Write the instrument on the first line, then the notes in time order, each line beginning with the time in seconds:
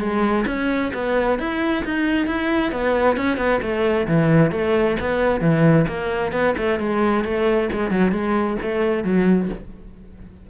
cello
0.00 G#3
0.47 C#4
0.94 B3
1.39 E4
1.84 D#4
2.27 E4
2.72 B3
3.17 C#4
3.38 B3
3.62 A3
4.08 E3
4.51 A3
5.00 B3
5.41 E3
5.88 A#3
6.32 B3
6.57 A3
6.80 G#3
7.24 A3
7.73 G#3
7.91 F#3
8.12 G#3
8.62 A3
9.04 F#3